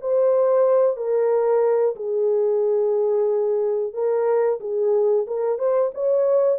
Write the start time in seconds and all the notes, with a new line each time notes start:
0.00 C5
0.96 A#4
1.95 G#4
3.93 A#4
4.60 G#4
5.27 A#4
5.58 C5
5.94 C#5